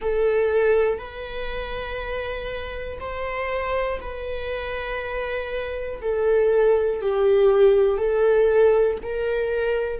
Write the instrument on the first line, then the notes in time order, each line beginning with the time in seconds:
viola
0.00 A4
0.98 B4
3.00 C5
4.00 B4
6.01 A4
7.01 G4
7.97 A4
9.02 A#4